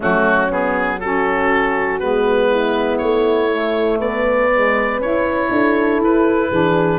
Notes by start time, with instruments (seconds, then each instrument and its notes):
0.00 tuba F#3, saxophone A3, horn C#4, oboe F#4
0.49 saxophone B3, oboe G#4
1.00 saxophone C#4, horn F#4, oboe A4
1.99 tuba G#3, saxophone B3, oboe B4
2.50 horn E4
2.98 tuba A3, oboe C#5
3.49 saxophone A3
3.98 tuba B3, horn B4, oboe D5
4.51 saxophone G#3
4.98 tuba C#4, saxophone E4, oboe C#5
5.50 tuba D4, horn A4
5.99 tuba E4, oboe B4
6.50 tuba E3, saxophone D4, horn G#4